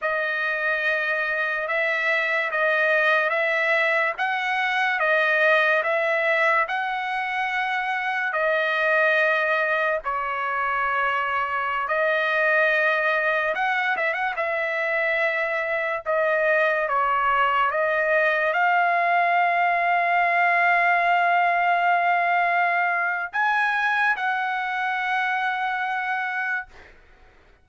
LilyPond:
\new Staff \with { instrumentName = "trumpet" } { \time 4/4 \tempo 4 = 72 dis''2 e''4 dis''4 | e''4 fis''4 dis''4 e''4 | fis''2 dis''2 | cis''2~ cis''16 dis''4.~ dis''16~ |
dis''16 fis''8 e''16 fis''16 e''2 dis''8.~ | dis''16 cis''4 dis''4 f''4.~ f''16~ | f''1 | gis''4 fis''2. | }